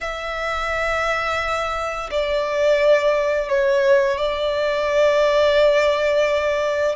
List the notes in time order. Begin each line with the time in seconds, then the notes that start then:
0.00 E5
2.10 D5
3.48 C#5
4.17 D5